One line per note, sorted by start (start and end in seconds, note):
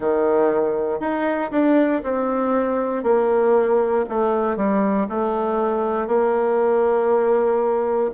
0.00 0.99 D#3
0.99 1.50 D#4
1.51 2.02 D4
2.03 3.03 C4
3.03 4.04 A#3
4.09 4.56 A3
4.56 5.07 G3
5.08 6.07 A3
6.07 8.10 A#3